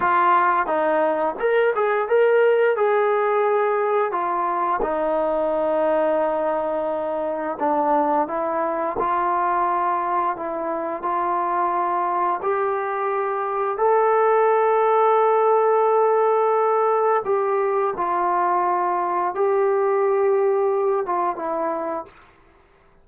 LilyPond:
\new Staff \with { instrumentName = "trombone" } { \time 4/4 \tempo 4 = 87 f'4 dis'4 ais'8 gis'8 ais'4 | gis'2 f'4 dis'4~ | dis'2. d'4 | e'4 f'2 e'4 |
f'2 g'2 | a'1~ | a'4 g'4 f'2 | g'2~ g'8 f'8 e'4 | }